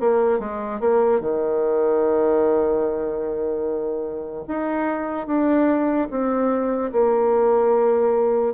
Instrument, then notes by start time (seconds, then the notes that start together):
bassoon
0.00 A#3
0.39 G#3
0.80 A#3
1.21 D#3
4.48 D#4
5.27 D4
6.11 C4
6.92 A#3